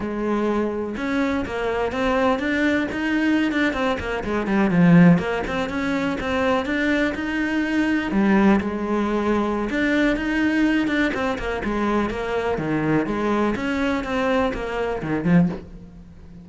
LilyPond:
\new Staff \with { instrumentName = "cello" } { \time 4/4 \tempo 4 = 124 gis2 cis'4 ais4 | c'4 d'4 dis'4~ dis'16 d'8 c'16~ | c'16 ais8 gis8 g8 f4 ais8 c'8 cis'16~ | cis'8. c'4 d'4 dis'4~ dis'16~ |
dis'8. g4 gis2~ gis16 | d'4 dis'4. d'8 c'8 ais8 | gis4 ais4 dis4 gis4 | cis'4 c'4 ais4 dis8 f8 | }